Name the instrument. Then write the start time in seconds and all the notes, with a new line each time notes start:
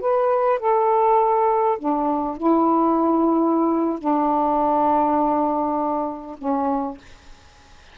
saxophone
0.00 B4
0.59 A4
1.78 D4
2.37 E4
3.98 D4
6.38 C#4